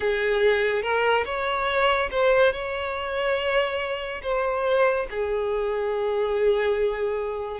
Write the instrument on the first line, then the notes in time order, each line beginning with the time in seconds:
violin
0.00 G#4
0.82 A#4
1.24 C#5
2.11 C5
2.52 C#5
4.22 C5
5.10 G#4